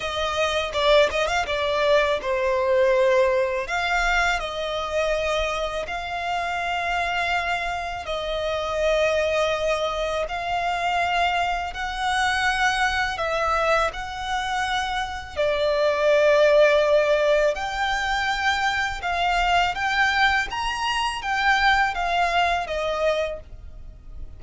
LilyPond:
\new Staff \with { instrumentName = "violin" } { \time 4/4 \tempo 4 = 82 dis''4 d''8 dis''16 f''16 d''4 c''4~ | c''4 f''4 dis''2 | f''2. dis''4~ | dis''2 f''2 |
fis''2 e''4 fis''4~ | fis''4 d''2. | g''2 f''4 g''4 | ais''4 g''4 f''4 dis''4 | }